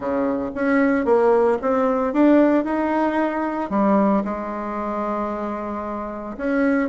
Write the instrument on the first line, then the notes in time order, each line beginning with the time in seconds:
bassoon
0.00 C#3
0.54 C#4
1.05 A#3
1.61 C4
2.13 D4
2.64 D#4
3.70 G3
4.24 G#3
6.37 C#4